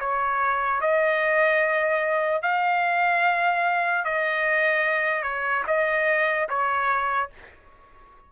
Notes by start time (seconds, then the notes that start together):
0.00 C#5
0.81 D#5
2.43 F5
4.05 D#5
5.23 C#5
5.67 D#5
6.49 C#5